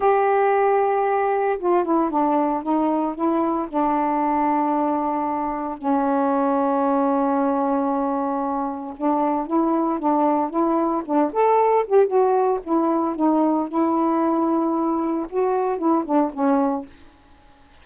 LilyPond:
\new Staff \with { instrumentName = "saxophone" } { \time 4/4 \tempo 4 = 114 g'2. f'8 e'8 | d'4 dis'4 e'4 d'4~ | d'2. cis'4~ | cis'1~ |
cis'4 d'4 e'4 d'4 | e'4 d'8 a'4 g'8 fis'4 | e'4 dis'4 e'2~ | e'4 fis'4 e'8 d'8 cis'4 | }